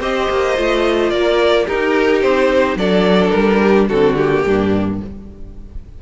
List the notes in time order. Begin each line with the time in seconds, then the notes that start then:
0.00 C4 G4 C5 D#5
0.30 A#3
0.56 A3 F4
1.10 A#3 A#4 D5
1.66 D#4 G4 A#4
2.22 C4 C5
2.76 F#3 D4 A4 D5
3.30 G3 A#4
3.62 G4
3.89 D3 C4 F#4 A4
4.15 A#3 G4
4.45 G2 D4